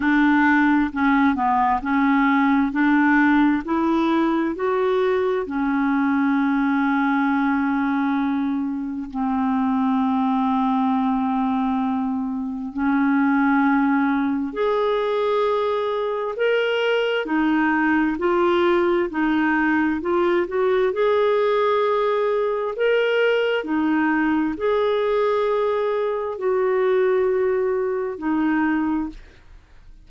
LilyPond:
\new Staff \with { instrumentName = "clarinet" } { \time 4/4 \tempo 4 = 66 d'4 cis'8 b8 cis'4 d'4 | e'4 fis'4 cis'2~ | cis'2 c'2~ | c'2 cis'2 |
gis'2 ais'4 dis'4 | f'4 dis'4 f'8 fis'8 gis'4~ | gis'4 ais'4 dis'4 gis'4~ | gis'4 fis'2 dis'4 | }